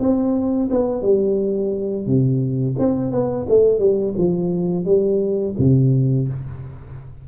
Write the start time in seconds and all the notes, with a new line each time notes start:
0.00 C4
0.71 B3
1.02 G3
2.06 C3
2.79 C4
3.12 B3
3.49 A3
3.79 G3
4.18 F3
4.86 G3
5.59 C3